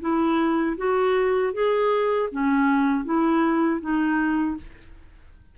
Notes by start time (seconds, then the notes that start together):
0.00 E4
0.77 F#4
1.53 G#4
2.31 C#4
3.04 E4
3.80 D#4